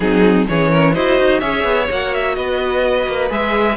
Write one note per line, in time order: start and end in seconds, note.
0.00 0.47 F#3
0.00 0.48 C4
0.00 0.47 D#4
0.00 0.46 G#4
0.48 0.95 E3
0.48 0.95 C#4
0.48 0.70 G#4
0.48 0.94 C#5
0.70 0.93 A#4
0.93 1.18 E4
0.93 1.41 F#4
0.93 1.40 C5
0.93 1.40 D#5
1.18 1.41 D#4
1.40 1.63 C#4
1.40 1.88 G#4
1.40 2.35 C#5
1.40 1.87 E5
1.63 1.87 B3
1.88 2.37 A#3
1.88 3.29 F#4
1.88 2.14 F#5
2.14 2.35 E5
2.35 3.06 B3
2.35 3.76 B4
2.35 3.29 D#5
3.06 3.30 A#3
3.29 3.76 G#3
3.29 3.76 G#4
3.29 3.76 E5